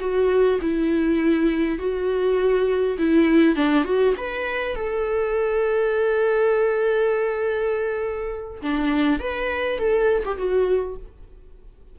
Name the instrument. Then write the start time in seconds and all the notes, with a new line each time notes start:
viola
0.00 F#4
0.62 E4
1.79 F#4
2.98 E4
3.56 D4
3.85 F#4
4.18 B4
4.76 A4
8.63 D4
9.20 B4
9.79 A4
10.25 G4
10.38 F#4